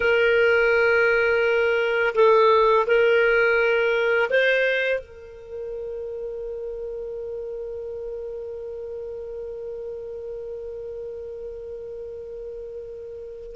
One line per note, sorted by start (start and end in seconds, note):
0.00 2.14 A#4
2.15 2.86 A4
2.86 4.29 A#4
4.30 4.99 C5
4.99 13.55 A#4